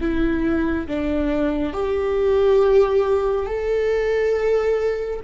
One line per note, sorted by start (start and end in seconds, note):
0.00 0.87 E4
0.87 1.73 D4
1.73 3.46 G4
3.46 5.20 A4